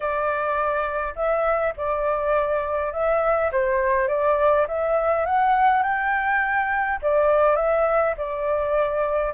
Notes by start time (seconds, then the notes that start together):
0.00 D5
1.15 E5
1.76 D5
2.92 E5
3.52 C5
4.08 D5
4.67 E5
5.25 F#5
5.83 G5
7.01 D5
7.56 E5
8.17 D5